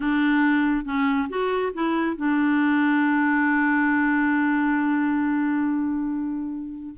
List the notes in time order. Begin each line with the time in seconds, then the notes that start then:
0.00 D4
0.84 C#4
1.29 F#4
1.73 E4
2.16 D4